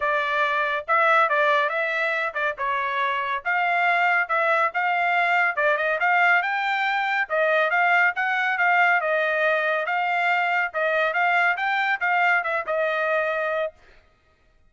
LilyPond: \new Staff \with { instrumentName = "trumpet" } { \time 4/4 \tempo 4 = 140 d''2 e''4 d''4 | e''4. d''8 cis''2 | f''2 e''4 f''4~ | f''4 d''8 dis''8 f''4 g''4~ |
g''4 dis''4 f''4 fis''4 | f''4 dis''2 f''4~ | f''4 dis''4 f''4 g''4 | f''4 e''8 dis''2~ dis''8 | }